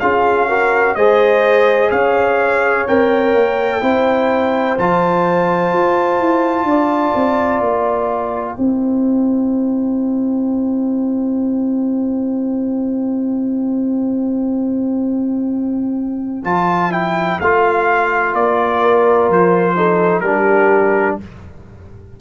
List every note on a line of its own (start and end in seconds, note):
0.00 0.95 C#4
0.00 0.50 F4
0.00 0.49 G#4
0.00 0.95 F5
0.49 0.97 F#4
0.49 0.96 A#4
0.95 1.91 G#3
0.95 2.87 G#4
0.95 1.91 C5
0.95 1.90 D#5
1.91 2.87 C#4
1.91 3.81 C#5
1.91 2.86 F5
2.87 3.35 C4
2.87 3.82 A#4
2.87 4.78 G5
3.35 3.82 A#3
3.82 4.78 C4
3.82 4.77 E4
3.82 6.68 C5
4.79 5.72 F3
4.79 8.57 F4
4.79 7.63 A5
5.72 6.20 F4
6.20 6.64 E4
6.64 7.12 D4
6.64 8.57 D5
7.15 7.61 C4
7.61 8.56 A#3
7.61 16.44 G5
8.57 16.44 C4
8.57 16.43 E4
8.57 18.81 C5
16.44 17.39 F3
16.44 16.91 F4
16.44 16.92 A5
16.91 17.39 E4
16.91 17.40 G5
17.40 18.34 A3
17.40 19.76 F4
17.40 18.35 F5
18.34 19.29 A#3
18.34 19.30 D5
18.81 19.76 A#4
19.29 20.21 F3
19.29 20.20 C5
19.76 20.24 D#4
19.76 20.25 A4
20.20 21.16 G3
20.20 21.20 D4
20.20 21.21 G4
20.20 21.16 A#4